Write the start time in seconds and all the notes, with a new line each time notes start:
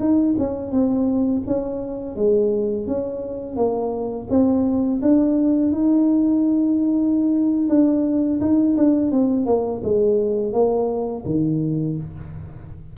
0.00 D#4
0.39 C#4
0.72 C4
1.47 C#4
2.16 G#3
2.87 C#4
3.56 A#3
4.30 C4
5.02 D4
5.72 D#4
7.69 D4
8.41 D#4
8.77 D4
9.12 C4
9.46 A#3
9.84 G#3
10.53 A#3
11.26 D#3